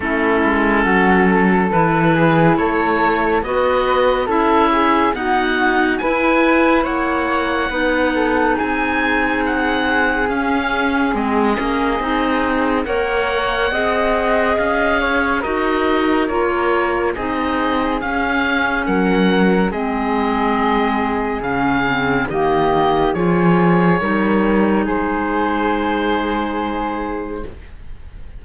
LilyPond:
<<
  \new Staff \with { instrumentName = "oboe" } { \time 4/4 \tempo 4 = 70 a'2 b'4 cis''4 | dis''4 e''4 fis''4 gis''4 | fis''2 gis''4 fis''4 | f''4 dis''2 fis''4~ |
fis''4 f''4 dis''4 cis''4 | dis''4 f''4 fis''4 dis''4~ | dis''4 f''4 dis''4 cis''4~ | cis''4 c''2. | }
  \new Staff \with { instrumentName = "flute" } { \time 4/4 e'4 fis'8 a'4 gis'8 a'4 | b'4 a'8 gis'8 fis'4 b'4 | cis''4 b'8 a'8 gis'2~ | gis'2. cis''4 |
dis''4. cis''8 ais'2 | gis'2 ais'4 gis'4~ | gis'2 g'4 gis'4 | ais'4 gis'2. | }
  \new Staff \with { instrumentName = "clarinet" } { \time 4/4 cis'2 e'2 | fis'4 e'4 b4 e'4~ | e'4 dis'2. | cis'4 c'8 cis'8 dis'4 ais'4 |
gis'2 fis'4 f'4 | dis'4 cis'2 c'4~ | c'4 cis'8 c'8 ais4 f'4 | dis'1 | }
  \new Staff \with { instrumentName = "cello" } { \time 4/4 a8 gis8 fis4 e4 a4 | b4 cis'4 dis'4 e'4 | ais4 b4 c'2 | cis'4 gis8 ais8 c'4 ais4 |
c'4 cis'4 dis'4 ais4 | c'4 cis'4 fis4 gis4~ | gis4 cis4 dis4 f4 | g4 gis2. | }
>>